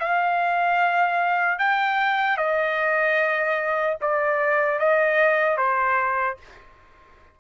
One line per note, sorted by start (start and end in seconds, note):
0.00 1.59 F5
1.59 2.37 G5
2.37 3.97 D#5
4.01 4.80 D5
4.80 5.58 D#5
5.58 6.38 C5